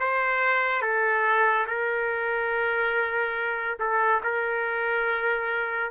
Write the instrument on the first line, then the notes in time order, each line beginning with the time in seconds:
trumpet
0.00 C5
0.82 A4
1.67 A#4
3.80 A4
4.24 A#4